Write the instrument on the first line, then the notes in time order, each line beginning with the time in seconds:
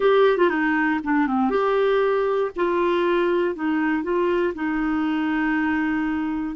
clarinet
0.00 G4
0.37 F4
0.49 D#4
1.03 D4
1.27 C4
1.49 G4
2.56 F4
3.55 D#4
4.03 F4
4.54 D#4